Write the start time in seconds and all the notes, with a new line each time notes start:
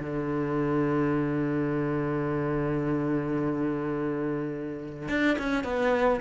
0.00 D3
5.08 D4
5.38 C#4
5.64 B3